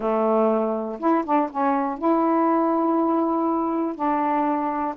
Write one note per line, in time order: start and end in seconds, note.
0.00 0.99 A3
0.99 1.24 E4
1.24 1.49 D4
1.51 1.98 C#4
1.98 3.95 E4
3.95 4.95 D4